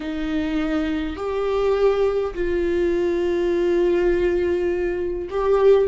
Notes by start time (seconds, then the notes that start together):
0.00 D#4
1.16 G4
2.34 F4
5.30 G4